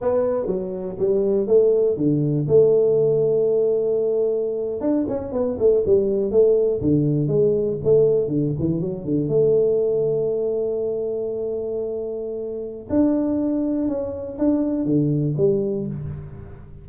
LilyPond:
\new Staff \with { instrumentName = "tuba" } { \time 4/4 \tempo 4 = 121 b4 fis4 g4 a4 | d4 a2.~ | a4.~ a16 d'8 cis'8 b8 a8 g16~ | g8. a4 d4 gis4 a16~ |
a8. d8 e8 fis8 d8 a4~ a16~ | a1~ | a2 d'2 | cis'4 d'4 d4 g4 | }